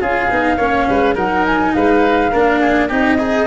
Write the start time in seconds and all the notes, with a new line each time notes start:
0.00 C#4 F4 G#4 F5
0.30 B3 D#4
0.57 A#3 C#4 C#5
0.89 G#3 B4
1.14 F#3 D#4 A#4 F#5
1.46 G#5
1.73 G#3 B4 F5
2.31 A#3 D4 A#4
2.60 G#4
2.88 C4 D#4 G4 D#5
3.18 D#4 G#4